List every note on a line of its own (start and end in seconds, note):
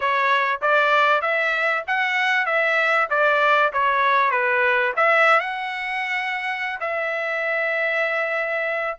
0.00 0.60 C#5
0.61 1.21 D5
1.21 1.83 E5
1.87 2.46 F#5
2.46 3.08 E5
3.10 3.72 D5
3.73 4.30 C#5
4.30 4.92 B4
4.96 5.40 E5
5.40 6.79 F#5
6.80 8.97 E5